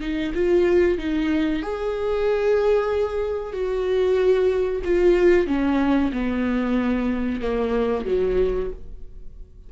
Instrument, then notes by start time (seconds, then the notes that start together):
viola
0.00 D#4
0.34 F4
0.98 D#4
1.62 G#4
3.53 F#4
4.84 F4
5.47 C#4
6.12 B3
7.41 A#3
8.05 F#3